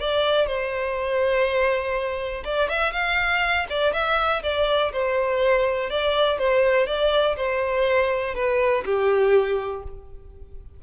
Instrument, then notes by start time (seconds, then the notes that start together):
violin
0.00 D5
0.47 C5
2.45 D5
2.69 E5
2.93 F5
3.70 D5
3.93 E5
4.43 D5
4.92 C5
5.90 D5
6.38 C5
6.87 D5
7.36 C5
8.35 B4
8.85 G4